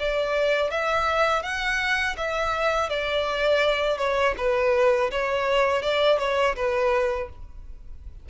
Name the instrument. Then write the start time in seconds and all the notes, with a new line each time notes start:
violin
0.00 D5
0.71 E5
1.43 F#5
2.18 E5
2.90 D5
3.98 C#5
4.38 B4
5.12 C#5
5.83 D5
6.19 C#5
6.57 B4